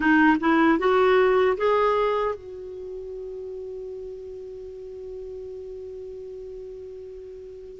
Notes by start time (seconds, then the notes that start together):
0.00 D#4
0.40 E4
0.79 F#4
1.57 G#4
2.35 F#4